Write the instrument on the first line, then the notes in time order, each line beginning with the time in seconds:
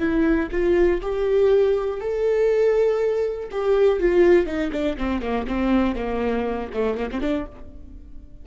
viola
0.00 E4
0.52 F4
1.02 G4
2.01 A4
3.51 G4
4.00 F4
4.46 D#4
4.72 D4
4.98 C4
5.22 A#3
5.47 C4
5.95 A#3
6.74 A3
6.98 A#3
7.12 C4
7.21 D4